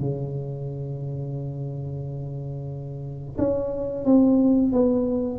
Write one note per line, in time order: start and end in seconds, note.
0.00 3.37 C#3
3.38 4.05 C#4
4.05 4.73 C4
4.73 5.39 B3